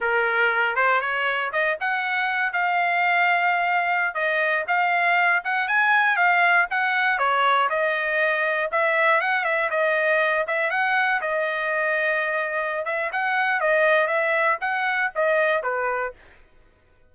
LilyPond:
\new Staff \with { instrumentName = "trumpet" } { \time 4/4 \tempo 4 = 119 ais'4. c''8 cis''4 dis''8 fis''8~ | fis''4 f''2.~ | f''16 dis''4 f''4. fis''8 gis''8.~ | gis''16 f''4 fis''4 cis''4 dis''8.~ |
dis''4~ dis''16 e''4 fis''8 e''8 dis''8.~ | dis''8. e''8 fis''4 dis''4.~ dis''16~ | dis''4. e''8 fis''4 dis''4 | e''4 fis''4 dis''4 b'4 | }